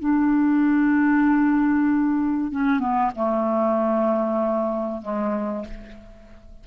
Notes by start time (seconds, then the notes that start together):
0.00 D4
2.51 C#4
2.80 B3
3.15 A3
5.02 G#3